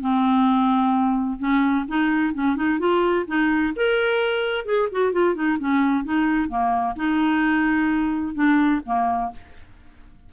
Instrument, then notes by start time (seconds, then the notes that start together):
clarinet
0.00 C4
1.38 C#4
1.88 D#4
2.34 C#4
2.56 D#4
2.79 F4
3.27 D#4
3.76 A#4
4.65 G#4
4.91 F#4
5.12 F4
5.34 D#4
5.59 C#4
6.04 D#4
6.48 A#3
6.96 D#4
8.34 D4
8.85 A#3